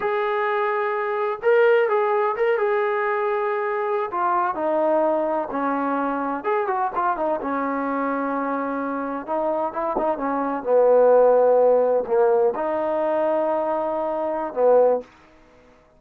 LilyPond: \new Staff \with { instrumentName = "trombone" } { \time 4/4 \tempo 4 = 128 gis'2. ais'4 | gis'4 ais'8 gis'2~ gis'8~ | gis'8. f'4 dis'2 cis'16~ | cis'4.~ cis'16 gis'8 fis'8 f'8 dis'8 cis'16~ |
cis'2.~ cis'8. dis'16~ | dis'8. e'8 dis'8 cis'4 b4~ b16~ | b4.~ b16 ais4 dis'4~ dis'16~ | dis'2. b4 | }